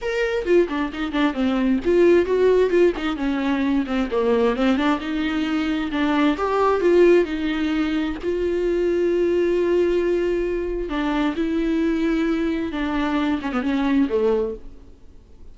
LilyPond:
\new Staff \with { instrumentName = "viola" } { \time 4/4 \tempo 4 = 132 ais'4 f'8 d'8 dis'8 d'8 c'4 | f'4 fis'4 f'8 dis'8 cis'4~ | cis'8 c'8 ais4 c'8 d'8 dis'4~ | dis'4 d'4 g'4 f'4 |
dis'2 f'2~ | f'1 | d'4 e'2. | d'4. cis'16 b16 cis'4 a4 | }